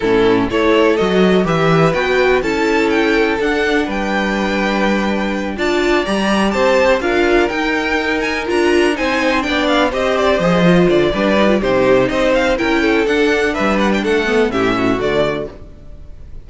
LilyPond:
<<
  \new Staff \with { instrumentName = "violin" } { \time 4/4 \tempo 4 = 124 a'4 cis''4 dis''4 e''4 | g''4 a''4 g''4 fis''4 | g''2.~ g''8 a''8~ | a''8 ais''4 a''4 f''4 g''8~ |
g''4 gis''8 ais''4 gis''4 g''8 | f''8 dis''8 d''8 dis''4 d''4. | c''4 dis''8 f''8 g''4 fis''4 | e''8 fis''16 g''16 fis''4 e''4 d''4 | }
  \new Staff \with { instrumentName = "violin" } { \time 4/4 e'4 a'2 b'4~ | b'4 a'2. | b'2.~ b'8 d''8~ | d''4. c''4 ais'4.~ |
ais'2~ ais'8 c''4 d''8~ | d''8 c''2~ c''8 b'4 | g'4 c''4 ais'8 a'4. | b'4 a'4 g'8 fis'4. | }
  \new Staff \with { instrumentName = "viola" } { \time 4/4 cis'4 e'4 fis'4 g'4 | fis'4 e'2 d'4~ | d'2.~ d'8 f'8~ | f'8 g'2 f'4 dis'8~ |
dis'4. f'4 dis'4 d'8~ | d'8 g'4 gis'8 f'4 d'8 dis'16 f'16 | dis'2 e'4 d'4~ | d'4. b8 cis'4 a4 | }
  \new Staff \with { instrumentName = "cello" } { \time 4/4 a,4 a4 fis4 e4 | b4 cis'2 d'4 | g2.~ g8 d'8~ | d'8 g4 c'4 d'4 dis'8~ |
dis'4. d'4 c'4 b8~ | b8 c'4 f4 d8 g4 | c4 c'4 cis'4 d'4 | g4 a4 a,4 d4 | }
>>